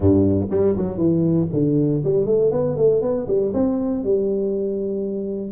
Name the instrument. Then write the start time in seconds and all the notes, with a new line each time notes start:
tuba
0.00 G2
0.50 G3
0.77 F#3
0.97 E3
1.52 D3
2.04 G3
2.26 A3
2.51 B3
2.76 A3
3.01 B3
3.27 G3
3.53 C4
4.04 G3